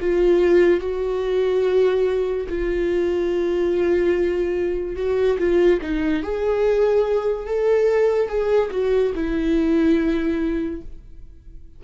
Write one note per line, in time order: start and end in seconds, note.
0.00 0.80 F4
0.80 2.47 F#4
2.48 4.95 F4
4.95 5.37 F#4
5.38 5.80 F4
5.81 6.22 D#4
6.22 7.46 G#4
7.46 8.28 A4
8.28 8.70 G#4
8.70 9.12 F#4
9.14 10.81 E4